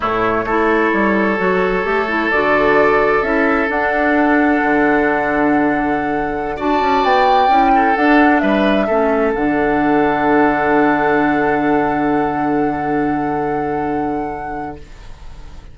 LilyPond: <<
  \new Staff \with { instrumentName = "flute" } { \time 4/4 \tempo 4 = 130 cis''1~ | cis''4 d''2 e''4 | fis''1~ | fis''2~ fis''16 a''4 g''8.~ |
g''4~ g''16 fis''4 e''4.~ e''16~ | e''16 fis''2.~ fis''8.~ | fis''1~ | fis''1 | }
  \new Staff \with { instrumentName = "oboe" } { \time 4/4 e'4 a'2.~ | a'1~ | a'1~ | a'2~ a'16 d''4.~ d''16~ |
d''8. a'4. b'4 a'8.~ | a'1~ | a'1~ | a'1 | }
  \new Staff \with { instrumentName = "clarinet" } { \time 4/4 a4 e'2 fis'4 | g'8 e'8 fis'2 e'4 | d'1~ | d'2~ d'16 fis'4.~ fis'16~ |
fis'16 e'4 d'2 cis'8.~ | cis'16 d'2.~ d'8.~ | d'1~ | d'1 | }
  \new Staff \with { instrumentName = "bassoon" } { \time 4/4 a,4 a4 g4 fis4 | a4 d2 cis'4 | d'2 d2~ | d2~ d16 d'8 cis'8 b8.~ |
b16 cis'4 d'4 g4 a8.~ | a16 d2.~ d8.~ | d1~ | d1 | }
>>